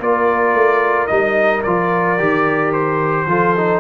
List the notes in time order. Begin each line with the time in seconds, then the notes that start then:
0.00 A#3 F4 A#4 D5
0.54 A3
1.07 G3 D#4 D#5
1.63 F3 F4 D5
2.18 D#3 G4
2.73 C5
3.27 F3 F4 A4
3.57 D#4